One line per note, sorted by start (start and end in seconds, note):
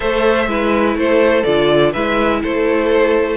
0.00 0.47 A3
0.00 0.47 A4
0.00 0.48 C5
0.00 0.96 E5
0.47 0.95 G#3
0.47 1.44 E4
0.47 0.97 B4
0.95 1.43 A3
0.95 1.92 A4
0.95 1.43 C5
1.43 1.94 D3
1.43 1.94 F4
1.43 1.92 D5
1.92 2.43 G#3
1.92 3.36 E4
1.92 2.40 B4
1.92 2.41 E5
2.42 3.36 A3
2.42 3.36 A4
2.42 3.36 C5